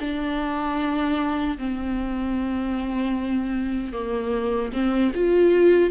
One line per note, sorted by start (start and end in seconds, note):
0.00 1.58 D4
1.58 3.93 C4
3.93 4.72 A#3
4.73 5.12 C4
5.15 5.91 F4